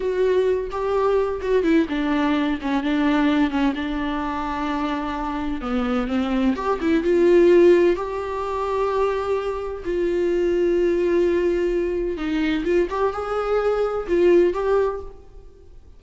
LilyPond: \new Staff \with { instrumentName = "viola" } { \time 4/4 \tempo 4 = 128 fis'4. g'4. fis'8 e'8 | d'4. cis'8 d'4. cis'8 | d'1 | b4 c'4 g'8 e'8 f'4~ |
f'4 g'2.~ | g'4 f'2.~ | f'2 dis'4 f'8 g'8 | gis'2 f'4 g'4 | }